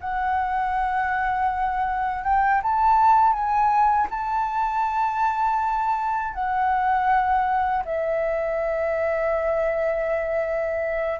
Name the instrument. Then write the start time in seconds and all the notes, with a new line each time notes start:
flute
0.00 F#5
2.24 G5
2.62 A5
3.32 G#5
4.10 A5
6.34 F#5
7.85 E5